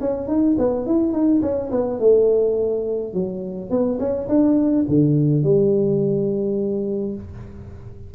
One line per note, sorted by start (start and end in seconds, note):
0.00 0.27 C#4
0.27 0.56 D#4
0.58 0.86 B3
0.86 1.12 E4
1.12 1.41 D#4
1.42 1.70 C#4
1.71 1.99 B3
1.99 3.13 A3
3.13 3.70 F#3
3.70 3.98 B3
3.99 4.28 C#4
4.28 4.85 D4
4.88 5.43 D3
5.43 7.15 G3